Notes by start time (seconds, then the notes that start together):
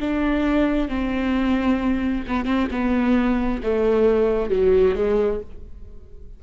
0.00 D4
0.89 C4
2.27 B3
2.45 C4
2.71 B3
3.63 A3
4.50 F#3
4.95 G#3